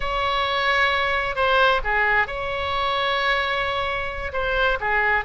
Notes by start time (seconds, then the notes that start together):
0.00 C#5
1.35 C5
1.83 G#4
2.27 C#5
4.33 C5
4.80 G#4